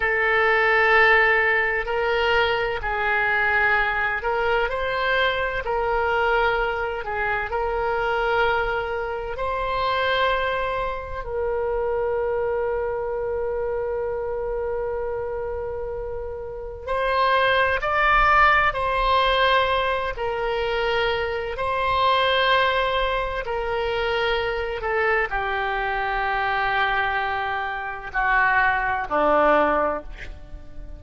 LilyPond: \new Staff \with { instrumentName = "oboe" } { \time 4/4 \tempo 4 = 64 a'2 ais'4 gis'4~ | gis'8 ais'8 c''4 ais'4. gis'8 | ais'2 c''2 | ais'1~ |
ais'2 c''4 d''4 | c''4. ais'4. c''4~ | c''4 ais'4. a'8 g'4~ | g'2 fis'4 d'4 | }